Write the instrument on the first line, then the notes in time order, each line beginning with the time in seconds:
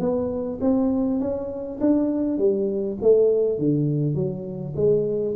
tuba
0.00 B3
0.61 C4
1.20 C#4
1.81 D4
2.38 G3
3.02 A3
3.59 D3
4.15 F#3
4.76 G#3